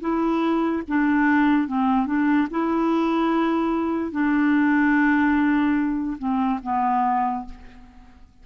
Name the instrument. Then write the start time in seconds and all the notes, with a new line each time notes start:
clarinet
0.00 E4
0.88 D4
1.67 C4
2.06 D4
2.50 E4
4.11 D4
6.18 C4
6.63 B3